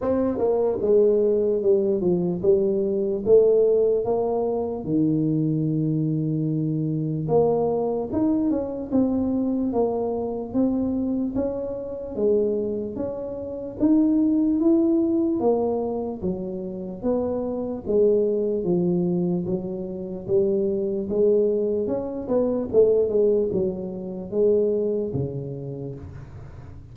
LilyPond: \new Staff \with { instrumentName = "tuba" } { \time 4/4 \tempo 4 = 74 c'8 ais8 gis4 g8 f8 g4 | a4 ais4 dis2~ | dis4 ais4 dis'8 cis'8 c'4 | ais4 c'4 cis'4 gis4 |
cis'4 dis'4 e'4 ais4 | fis4 b4 gis4 f4 | fis4 g4 gis4 cis'8 b8 | a8 gis8 fis4 gis4 cis4 | }